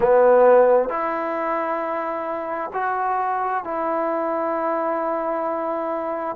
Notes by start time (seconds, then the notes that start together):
0.00 B3
0.88 E4
2.73 F#4
3.64 E4